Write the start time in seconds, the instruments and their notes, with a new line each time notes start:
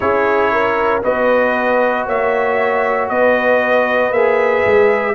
0.00 tuba C#4, trombone E4, horn G#4, trumpet C#5
0.52 horn A#4
1.02 tuba B3, trombone F#4, horn B4, trumpet D#5
2.06 tuba A#3, horn C#5, trumpet E5
3.08 tuba B3, horn B4, trumpet D#5
4.11 tuba A#3, trombone G#4, trumpet E5
4.65 tuba G#3